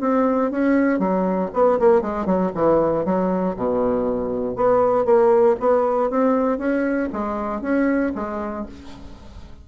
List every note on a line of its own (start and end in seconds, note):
0.00 0.51 C4
0.51 0.99 C#4
0.99 1.50 F#3
1.53 1.78 B3
1.79 2.01 A#3
2.01 2.25 G#3
2.25 2.51 F#3
2.54 3.05 E3
3.05 3.56 F#3
3.56 4.56 B2
4.56 5.05 B3
5.05 5.55 A#3
5.59 6.10 B3
6.10 6.58 C4
6.58 7.09 C#4
7.12 7.61 G#3
7.61 8.12 C#4
8.14 8.65 G#3